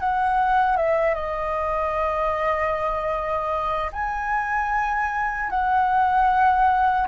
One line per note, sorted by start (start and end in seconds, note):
0.00 0.77 F#5
0.77 1.14 E5
1.14 3.91 D#5
3.93 5.50 G#5
5.50 7.08 F#5